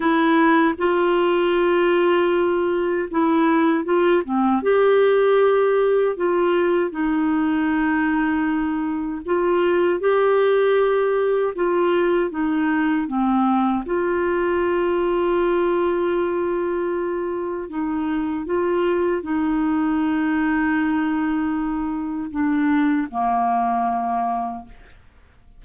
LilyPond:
\new Staff \with { instrumentName = "clarinet" } { \time 4/4 \tempo 4 = 78 e'4 f'2. | e'4 f'8 c'8 g'2 | f'4 dis'2. | f'4 g'2 f'4 |
dis'4 c'4 f'2~ | f'2. dis'4 | f'4 dis'2.~ | dis'4 d'4 ais2 | }